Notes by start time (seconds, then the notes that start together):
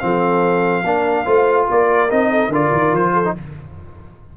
0.00 F3 C4 A4 F5
0.84 A#3 D4 A#4
1.25 A3 F4 C5
1.69 A#3 A#4 D5
2.10 C4 D#4 D#5
2.31 A4
2.49 D3 F4 A#4 D5
2.72 D#3
2.93 F3 C5
3.13 A4
3.25 D#4